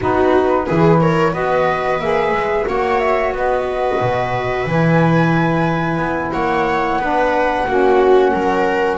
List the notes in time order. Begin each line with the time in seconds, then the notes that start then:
0.00 B3 D#4 F#4 B4
0.66 E3 E4 G#4
1.01 A#4 C#5
1.32 B3 F#4 B4 D#5
1.99 A#3 G#4 E5
2.31 G#3
2.66 A#3 F#4 C#5 F#5
2.99 E5
3.32 B3 B4 D#5
4.00 B2
4.66 E3 E4 G#5
5.97 B3
6.31 A#3 C#5 F#5
6.98 B3 D4 B4
7.67 A#3 C#4 F#4
8.31 F#3 A#4